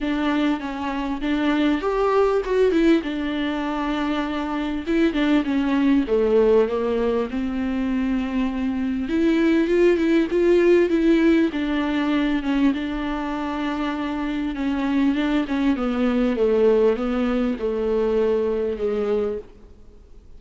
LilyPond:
\new Staff \with { instrumentName = "viola" } { \time 4/4 \tempo 4 = 99 d'4 cis'4 d'4 g'4 | fis'8 e'8 d'2. | e'8 d'8 cis'4 a4 ais4 | c'2. e'4 |
f'8 e'8 f'4 e'4 d'4~ | d'8 cis'8 d'2. | cis'4 d'8 cis'8 b4 a4 | b4 a2 gis4 | }